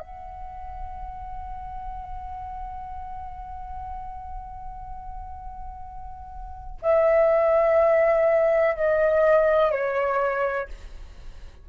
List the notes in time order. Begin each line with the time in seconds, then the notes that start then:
0.00 F#5
6.82 E5
8.76 D#5
9.72 C#5